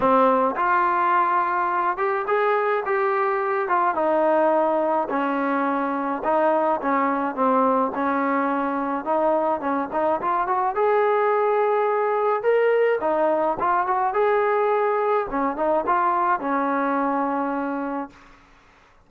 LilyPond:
\new Staff \with { instrumentName = "trombone" } { \time 4/4 \tempo 4 = 106 c'4 f'2~ f'8 g'8 | gis'4 g'4. f'8 dis'4~ | dis'4 cis'2 dis'4 | cis'4 c'4 cis'2 |
dis'4 cis'8 dis'8 f'8 fis'8 gis'4~ | gis'2 ais'4 dis'4 | f'8 fis'8 gis'2 cis'8 dis'8 | f'4 cis'2. | }